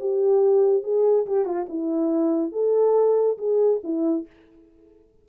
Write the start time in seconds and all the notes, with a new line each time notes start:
0.00 G4
0.83 G#4
1.27 G4
1.45 F4
1.69 E4
2.52 A4
3.38 G#4
3.84 E4